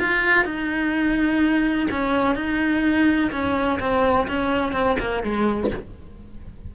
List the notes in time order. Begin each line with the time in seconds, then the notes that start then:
0.00 F4
0.45 D#4
1.91 C#4
2.35 D#4
3.32 C#4
3.80 C4
4.28 C#4
4.73 C4
5.00 A#3
5.23 G#3